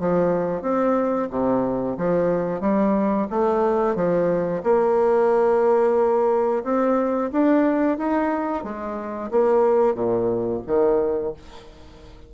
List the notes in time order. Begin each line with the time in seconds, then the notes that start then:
0.00 F3
0.62 C4
1.30 C3
1.98 F3
2.61 G3
3.30 A3
3.96 F3
4.63 A#3
6.64 C4
7.32 D4
7.98 D#4
8.64 G#3
9.31 A#3
9.95 A#2
10.67 D#3